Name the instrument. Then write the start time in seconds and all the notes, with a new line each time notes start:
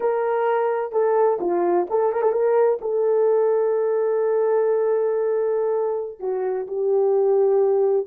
horn
0.00 A#4
0.92 A4
1.40 F4
1.90 A4
2.12 A#4
2.21 A4
2.31 A#4
2.81 A4
6.19 F#4
6.67 G4